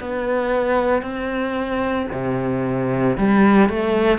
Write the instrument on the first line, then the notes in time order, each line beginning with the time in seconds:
cello
0.00 B3
1.02 C4
2.12 C3
3.18 G3
3.69 A3